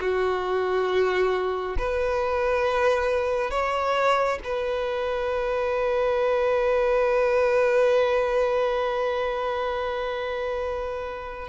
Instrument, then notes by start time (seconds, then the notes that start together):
violin
0.00 F#4
1.78 B4
3.51 C#5
4.44 B4